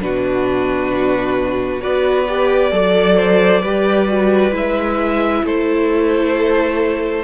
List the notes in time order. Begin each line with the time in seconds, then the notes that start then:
0.00 B2 D4 F#4 B4
1.80 B3 F#4 B4 D5
2.28 G4
2.72 F#3 A4 D5
3.16 C5
3.61 G3 G4 B4
4.08 F#4
4.52 G#3 E4 E5
5.44 A3 A4 C5